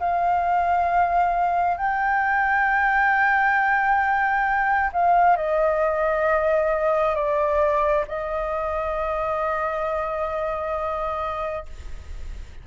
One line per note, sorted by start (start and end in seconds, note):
0.00 1.77 F5
1.77 4.91 G5
4.93 5.36 F5
5.36 7.15 D#5
7.15 8.05 D5
8.08 11.66 D#5